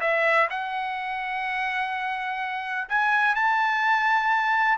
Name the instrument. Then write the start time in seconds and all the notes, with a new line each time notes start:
trumpet
0.00 E5
0.50 F#5
2.89 G#5
3.35 A5